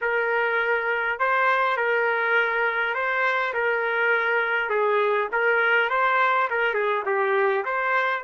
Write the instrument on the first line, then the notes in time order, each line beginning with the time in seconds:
trumpet
0.01 A#4
1.19 C5
1.76 A#4
2.94 C5
3.53 A#4
4.69 G#4
5.32 A#4
5.89 C5
6.50 A#4
6.74 G#4
7.05 G4
7.65 C5